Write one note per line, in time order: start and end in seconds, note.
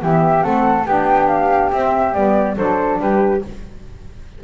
0.00 0.45 E3
0.00 0.43 B3
0.00 0.45 G4
0.00 0.43 E5
0.43 0.86 A3
0.43 0.85 C4
0.43 0.87 A4
0.43 0.85 F#5
0.86 1.71 B3
0.86 1.73 D4
0.86 2.57 G4
0.86 1.29 G5
1.29 1.71 F5
1.73 2.15 C4
1.73 2.14 E5
2.14 2.57 G3
2.14 2.57 B3
2.14 2.57 D5
2.57 3.00 F#3
2.57 3.42 D4
2.57 3.00 A4
2.57 3.00 C5
3.00 3.42 G3
3.00 3.44 G4
3.00 3.43 B4